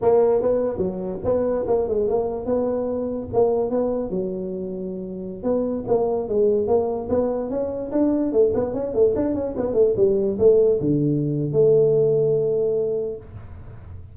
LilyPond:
\new Staff \with { instrumentName = "tuba" } { \time 4/4 \tempo 4 = 146 ais4 b4 fis4 b4 | ais8 gis8 ais4 b2 | ais4 b4 fis2~ | fis4~ fis16 b4 ais4 gis8.~ |
gis16 ais4 b4 cis'4 d'8.~ | d'16 a8 b8 cis'8 a8 d'8 cis'8 b8 a16~ | a16 g4 a4 d4.~ d16 | a1 | }